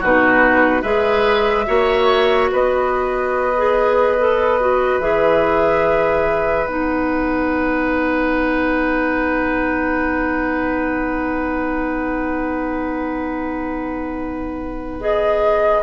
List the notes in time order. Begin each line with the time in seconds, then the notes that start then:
0.00 B2 D#4 F#4 B4
0.82 G#3 G#4 B4 E5
1.66 A#3 F#4 C#5
2.52 B3 B4 D#5
3.57 G#4
4.18 A4
4.60 F#4
5.00 E3 G#4 E5
6.66 B3 D#4 F#5
15.01 G#4 D#5